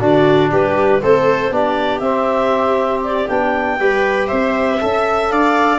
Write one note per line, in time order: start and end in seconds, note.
0.00 0.51 D3
0.00 1.01 D4
0.00 0.50 F#4
0.00 0.52 D5
0.51 1.03 G3
0.51 1.02 G4
0.51 1.03 B4
1.03 1.51 A3
1.03 1.52 C4
1.03 1.53 A4
1.03 1.54 C5
1.51 2.01 B3
1.51 2.02 D4
1.51 3.80 G4
1.51 2.00 D5
2.00 3.27 C4
2.00 3.29 C4
2.00 3.01 E5
3.04 3.29 D5
3.29 3.80 B3
3.29 3.80 D4
3.29 4.28 G5
3.80 4.30 G3
3.80 4.81 G4
3.80 4.29 B4
4.28 4.83 C4
4.28 4.79 C5
4.28 5.28 E5
4.81 5.31 C#4
4.81 5.80 A4
4.81 5.32 E5
5.29 5.80 D4
5.29 5.80 D5
5.29 5.80 F5